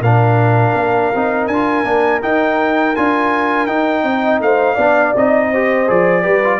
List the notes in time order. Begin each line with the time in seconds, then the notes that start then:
0.00 A#2 D4 A#4 F5
0.75 A#3
1.14 C4 D#4
1.47 D4 F4 G#5
1.84 A#3 D4
2.22 D#4 G5
2.96 D4 F4 G#5
3.67 D#4 G5
4.03 C4 D#5
4.40 A3 C5 F5
4.75 B3 D4 D5
5.16 C4 D#4 D#5
5.51 G4 C5
5.87 F3 G#4 D5
6.22 G3 G4 B4
6.44 F4